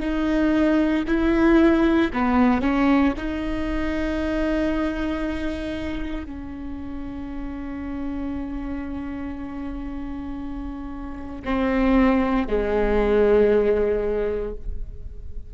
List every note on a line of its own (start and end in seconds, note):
0.00 1.03 D#4
1.08 2.11 E4
2.13 2.61 B3
2.61 3.13 C#4
3.17 6.25 D#4
6.25 11.43 C#4
11.45 12.47 C4
12.47 14.54 G#3